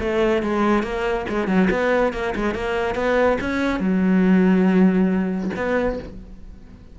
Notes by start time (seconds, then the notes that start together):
0.00 A3
0.43 G#3
0.83 A#3
1.29 G#3
1.47 F#3
1.70 B3
2.13 A#3
2.35 G#3
2.55 A#3
2.95 B3
3.41 C#4
3.80 F#3
5.56 B3